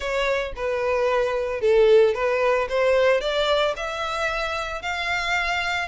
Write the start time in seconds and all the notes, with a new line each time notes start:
0.00 C#5
0.56 B4
1.60 A4
2.14 B4
2.69 C5
3.20 D5
3.76 E5
4.82 F5